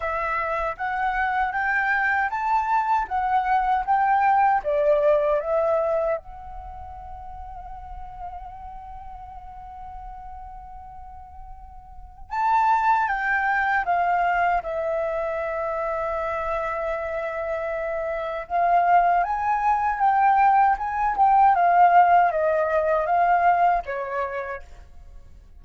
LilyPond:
\new Staff \with { instrumentName = "flute" } { \time 4/4 \tempo 4 = 78 e''4 fis''4 g''4 a''4 | fis''4 g''4 d''4 e''4 | fis''1~ | fis''1 |
a''4 g''4 f''4 e''4~ | e''1 | f''4 gis''4 g''4 gis''8 g''8 | f''4 dis''4 f''4 cis''4 | }